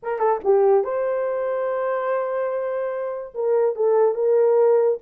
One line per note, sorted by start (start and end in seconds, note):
0.02 0.18 A#4
0.18 0.39 A4
0.44 0.84 G4
0.84 3.34 C5
3.34 3.75 A#4
3.75 4.15 A4
4.15 4.98 A#4